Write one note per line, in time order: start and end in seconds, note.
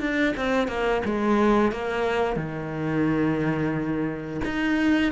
0.00 0.34 D4
0.37 0.68 C4
0.68 1.02 A#3
1.05 1.72 G#3
1.72 2.36 A#3
2.36 4.41 D#3
4.45 5.12 D#4